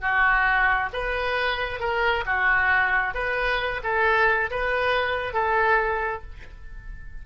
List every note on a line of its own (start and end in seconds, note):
0.00 0.89 F#4
0.93 1.79 B4
1.79 2.24 A#4
2.25 3.14 F#4
3.14 3.80 B4
3.83 4.50 A4
4.50 5.33 B4
5.33 6.22 A4